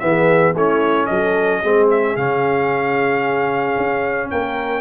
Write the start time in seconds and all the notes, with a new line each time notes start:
0.00 E3 B3 G#4 E5
0.54 A3 C#4 E4 C#5
1.06 F#3 A4 D#5
1.61 G#3 C4 G#4
1.91 E5
2.17 C#3 C#4 F5
3.78 C#4
4.31 A#3 A#4 G5